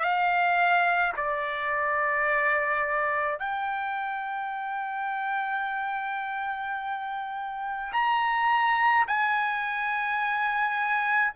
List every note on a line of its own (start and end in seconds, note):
0.00 1.13 F5
1.17 3.40 D5
3.40 7.92 G5
7.93 9.06 A#5
9.08 11.34 G#5